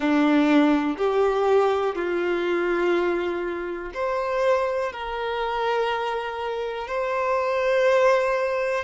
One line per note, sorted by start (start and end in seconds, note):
0.00 0.97 D4
0.97 1.95 G4
1.95 3.92 F4
3.93 4.92 C5
4.92 6.87 A#4
6.87 8.84 C5